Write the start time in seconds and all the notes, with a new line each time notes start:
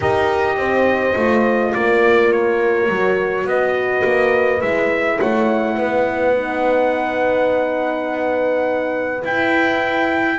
0.00 D#4 G4 A#4 D#5
0.56 C4 C5
1.15 A3 F4
1.74 A#3 A#4 D5
2.32 C#5
2.88 F#3 F#4
3.44 B3 B4 D#5
4.03 A#3
4.61 G#3 E4 E5
5.17 A3 C#5 F#5
5.74 B3 B4
6.35 D#4
9.22 E4 G5